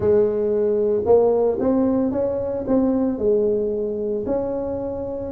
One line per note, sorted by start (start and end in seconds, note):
0.00 1.03 G#3
1.05 1.58 A#3
1.60 2.11 C4
2.11 2.64 C#4
2.67 3.18 C4
3.18 4.24 G#3
4.26 5.32 C#4